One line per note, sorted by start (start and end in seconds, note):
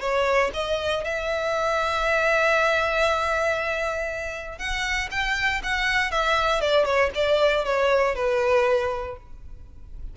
0.00 0.51 C#5
0.54 1.05 D#5
1.05 4.59 E5
4.59 5.09 F#5
5.11 5.62 G5
5.63 6.11 F#5
6.11 6.61 E5
6.61 6.85 D5
6.85 7.10 C#5
7.15 7.65 D5
7.65 8.15 C#5
8.15 9.17 B4